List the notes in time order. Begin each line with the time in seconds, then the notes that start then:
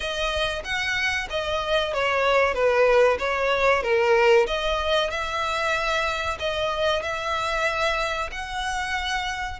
0.00 D#5
0.64 F#5
1.29 D#5
1.93 C#5
2.54 B4
3.19 C#5
3.82 A#4
4.47 D#5
5.10 E5
6.39 D#5
7.02 E5
8.32 F#5